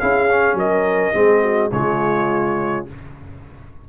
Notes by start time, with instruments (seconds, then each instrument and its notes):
0.00 tuba C#4, trombone E4, horn G#4, trumpet F5
0.29 trombone C#4
0.54 tuba F#3, horn A#4, trumpet D#5
1.14 tuba G#3, trombone C4, horn G#4
1.43 horn F#4
1.72 tuba C#3, trombone G#3, horn F4, trumpet C#5